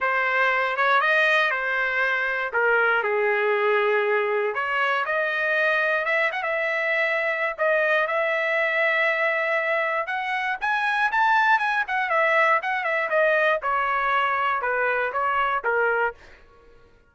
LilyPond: \new Staff \with { instrumentName = "trumpet" } { \time 4/4 \tempo 4 = 119 c''4. cis''8 dis''4 c''4~ | c''4 ais'4 gis'2~ | gis'4 cis''4 dis''2 | e''8 fis''16 e''2~ e''16 dis''4 |
e''1 | fis''4 gis''4 a''4 gis''8 fis''8 | e''4 fis''8 e''8 dis''4 cis''4~ | cis''4 b'4 cis''4 ais'4 | }